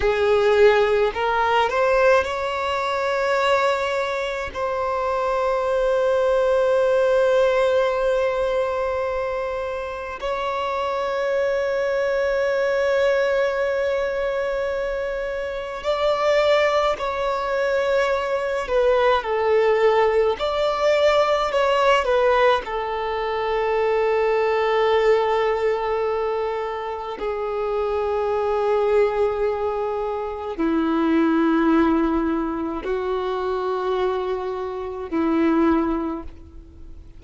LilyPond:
\new Staff \with { instrumentName = "violin" } { \time 4/4 \tempo 4 = 53 gis'4 ais'8 c''8 cis''2 | c''1~ | c''4 cis''2.~ | cis''2 d''4 cis''4~ |
cis''8 b'8 a'4 d''4 cis''8 b'8 | a'1 | gis'2. e'4~ | e'4 fis'2 e'4 | }